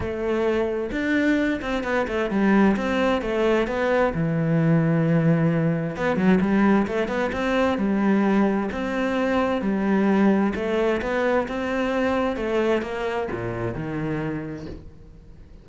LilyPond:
\new Staff \with { instrumentName = "cello" } { \time 4/4 \tempo 4 = 131 a2 d'4. c'8 | b8 a8 g4 c'4 a4 | b4 e2.~ | e4 b8 fis8 g4 a8 b8 |
c'4 g2 c'4~ | c'4 g2 a4 | b4 c'2 a4 | ais4 ais,4 dis2 | }